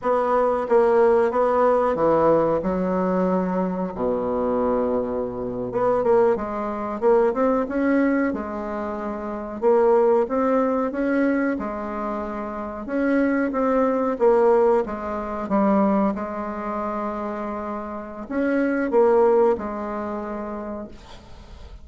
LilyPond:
\new Staff \with { instrumentName = "bassoon" } { \time 4/4 \tempo 4 = 92 b4 ais4 b4 e4 | fis2 b,2~ | b,8. b8 ais8 gis4 ais8 c'8 cis'16~ | cis'8. gis2 ais4 c'16~ |
c'8. cis'4 gis2 cis'16~ | cis'8. c'4 ais4 gis4 g16~ | g8. gis2.~ gis16 | cis'4 ais4 gis2 | }